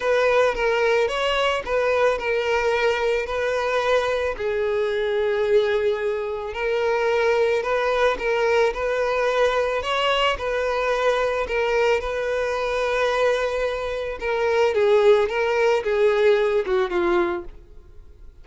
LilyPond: \new Staff \with { instrumentName = "violin" } { \time 4/4 \tempo 4 = 110 b'4 ais'4 cis''4 b'4 | ais'2 b'2 | gis'1 | ais'2 b'4 ais'4 |
b'2 cis''4 b'4~ | b'4 ais'4 b'2~ | b'2 ais'4 gis'4 | ais'4 gis'4. fis'8 f'4 | }